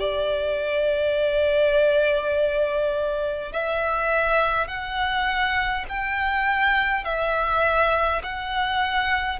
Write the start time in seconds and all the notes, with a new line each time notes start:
0.00 D5
3.52 E5
4.68 F#5
5.89 G5
7.05 E5
8.24 F#5